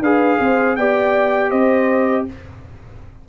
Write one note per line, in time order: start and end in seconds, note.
0.00 0.38 D4
0.00 0.79 G#4
0.00 0.39 B4
0.00 0.76 F5
0.40 0.77 C4
0.40 0.78 C5
0.76 1.51 B3
0.76 2.29 G4
0.76 1.50 D5
0.76 1.50 G5
1.50 2.26 C4
1.50 2.25 C5
1.50 2.25 D#5